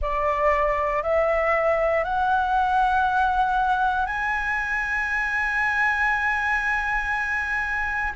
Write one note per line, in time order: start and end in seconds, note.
0.01 1.02 D5
1.02 2.03 E5
2.03 4.06 F#5
4.06 8.13 G#5